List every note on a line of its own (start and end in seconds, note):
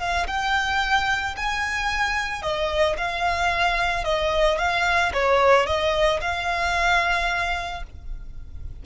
0.00 0.27 F5
0.28 1.36 G5
1.37 2.43 G#5
2.43 2.97 D#5
2.98 4.05 F5
4.05 4.59 D#5
4.59 5.13 F5
5.14 5.67 C#5
5.67 6.21 D#5
6.21 7.84 F5